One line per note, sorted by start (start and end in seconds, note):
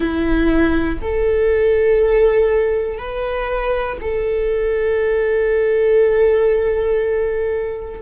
0.00 0.99 E4
1.01 2.98 A4
2.98 3.98 B4
4.00 8.00 A4